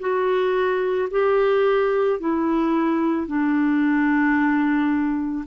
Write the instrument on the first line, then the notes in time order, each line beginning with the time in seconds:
clarinet
0.00 F#4
1.11 G4
2.20 E4
3.27 D4